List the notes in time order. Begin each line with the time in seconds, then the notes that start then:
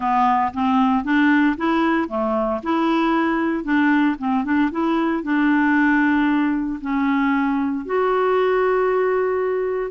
0.00 B3
0.53 C4
1.03 D4
1.57 E4
2.08 A3
2.63 E4
3.64 D4
4.18 C4
4.44 D4
4.71 E4
5.23 D4
6.81 C#4
7.85 F#4